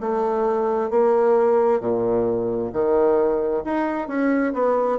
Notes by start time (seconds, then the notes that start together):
0.00 A3
0.90 A#3
1.80 A#2
2.72 D#3
3.64 D#4
4.07 C#4
4.53 B3